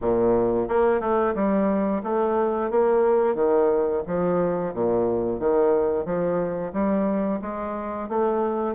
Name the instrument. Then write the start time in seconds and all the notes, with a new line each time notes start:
bassoon
0.01 A#2
0.68 A#3
1.00 A3
1.34 G3
2.03 A3
2.70 A#3
3.35 D#3
4.06 F3
4.73 A#2
5.39 D#3
6.05 F3
6.72 G3
7.41 G#3
8.08 A3